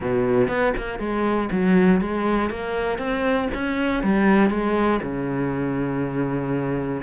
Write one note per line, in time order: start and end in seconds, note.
0.00 0.48 B2
0.48 0.73 B3
0.77 0.99 A#3
0.99 1.49 G#3
1.51 2.00 F#3
2.00 2.50 G#3
2.50 2.98 A#3
2.98 3.48 C4
3.54 4.03 C#4
4.03 4.50 G3
4.50 5.00 G#3
5.02 7.02 C#3